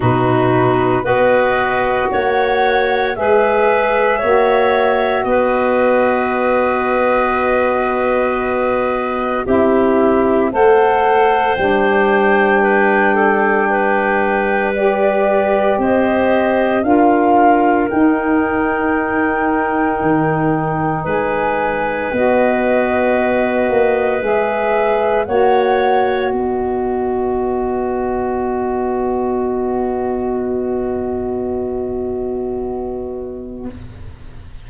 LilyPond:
<<
  \new Staff \with { instrumentName = "flute" } { \time 4/4 \tempo 4 = 57 b'4 dis''4 fis''4 e''4~ | e''4 dis''2.~ | dis''4 e''4 fis''4 g''4~ | g''2 d''4 dis''4 |
f''4 g''2. | gis''4 dis''2 e''4 | fis''4 dis''2.~ | dis''1 | }
  \new Staff \with { instrumentName = "clarinet" } { \time 4/4 fis'4 b'4 cis''4 b'4 | cis''4 b'2.~ | b'4 g'4 c''2 | b'8 a'8 b'2 c''4 |
ais'1 | b'1 | cis''4 b'2.~ | b'1 | }
  \new Staff \with { instrumentName = "saxophone" } { \time 4/4 dis'4 fis'2 gis'4 | fis'1~ | fis'4 e'4 a'4 d'4~ | d'2 g'2 |
f'4 dis'2.~ | dis'4 fis'2 gis'4 | fis'1~ | fis'1 | }
  \new Staff \with { instrumentName = "tuba" } { \time 4/4 b,4 b4 ais4 gis4 | ais4 b2.~ | b4 c'4 a4 g4~ | g2. c'4 |
d'4 dis'2 dis4 | gis4 b4. ais8 gis4 | ais4 b2.~ | b1 | }
>>